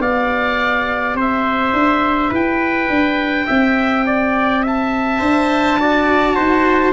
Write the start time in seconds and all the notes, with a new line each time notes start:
0.00 B3 G4 D5 F5
1.15 C4 C5
1.21 E5
1.74 D4
2.30 E4 B4 G5
2.89 D4
3.47 C4 E5
4.06 D5
4.63 E5 A5
5.20 D4 C5
5.78 F#4 D5
6.36 D#4 C5